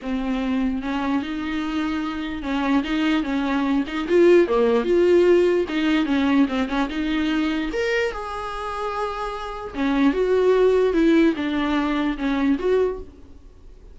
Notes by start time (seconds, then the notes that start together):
0.02 C4
0.82 C#4
1.22 D#4
2.42 C#4
2.83 D#4
3.23 C#4
3.87 D#4
4.08 F4
4.47 A#3
4.84 F4
5.68 D#4
6.05 C#4
6.48 C4
6.68 C#4
6.89 D#4
7.72 A#4
8.12 G#4
9.74 C#4
10.13 F#4
10.93 E4
11.36 D4
12.17 C#4
12.58 F#4